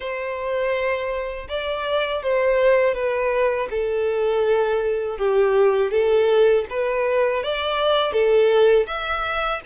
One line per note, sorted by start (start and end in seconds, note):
0.00 1.47 C5
1.48 2.23 D5
2.23 2.94 C5
2.94 3.68 B4
3.70 5.18 A4
5.18 5.91 G4
5.91 6.65 A4
6.69 7.43 B4
7.43 8.12 D5
8.12 8.86 A4
8.87 9.61 E5